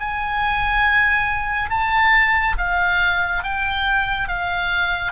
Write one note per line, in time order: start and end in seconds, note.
0.00 1.71 G#5
1.71 2.56 A5
2.58 3.44 F5
3.44 4.28 G5
4.28 5.12 F5